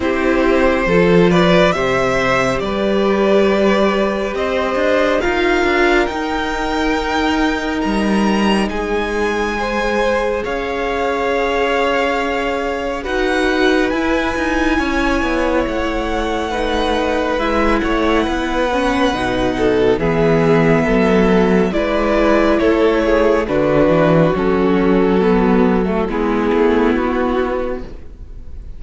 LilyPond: <<
  \new Staff \with { instrumentName = "violin" } { \time 4/4 \tempo 4 = 69 c''4. d''8 e''4 d''4~ | d''4 dis''4 f''4 g''4~ | g''4 ais''4 gis''2 | f''2. fis''4 |
gis''2 fis''2 | e''8 fis''2~ fis''8 e''4~ | e''4 d''4 cis''4 b'4 | a'2 gis'4 fis'4 | }
  \new Staff \with { instrumentName = "violin" } { \time 4/4 g'4 a'8 b'8 c''4 b'4~ | b'4 c''4 ais'2~ | ais'2 gis'4 c''4 | cis''2. b'4~ |
b'4 cis''2 b'4~ | b'8 cis''8 b'4. a'8 gis'4 | a'4 b'4 a'8 gis'8 fis'4~ | fis'2 e'2 | }
  \new Staff \with { instrumentName = "viola" } { \time 4/4 e'4 f'4 g'2~ | g'2 f'4 dis'4~ | dis'2. gis'4~ | gis'2. fis'4 |
e'2. dis'4 | e'4. cis'8 dis'4 b4~ | b4 e'2 d'4 | cis'4 b8. a16 b2 | }
  \new Staff \with { instrumentName = "cello" } { \time 4/4 c'4 f4 c4 g4~ | g4 c'8 d'8 dis'8 d'8 dis'4~ | dis'4 g4 gis2 | cis'2. dis'4 |
e'8 dis'8 cis'8 b8 a2 | gis8 a8 b4 b,4 e4 | fis4 gis4 a4 d8 e8 | fis2 gis8 a8 b4 | }
>>